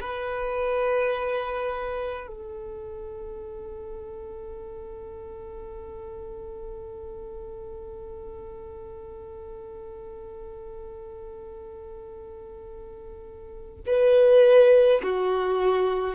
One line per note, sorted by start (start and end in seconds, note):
0.00 2.27 B4
2.27 13.81 A4
13.86 15.02 B4
15.03 16.15 F#4